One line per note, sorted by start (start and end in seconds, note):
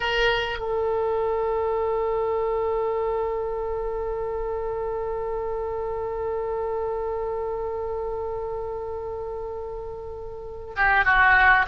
0.00 0.58 A#4
0.58 10.73 A4
10.76 11.05 G4
11.05 11.65 F#4